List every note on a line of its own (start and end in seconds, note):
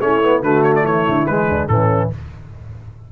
0.00 0.41 A3
0.00 0.21 C#4
0.00 0.43 E4
0.00 0.42 C#5
0.22 0.43 B3
0.41 0.83 D3
0.41 1.27 A3
0.41 0.82 F#4
0.41 0.63 B4
0.63 0.73 C#5
0.75 0.85 D5
0.82 1.04 E3
0.82 1.45 E4
0.82 1.26 C#5
1.08 1.27 D3
1.26 1.48 E3
1.26 1.69 G#3
1.26 1.68 B4
1.48 1.68 D2
1.48 1.69 D4
1.68 2.10 A2
1.68 2.11 E3
1.68 2.12 C#4
1.68 2.10 A4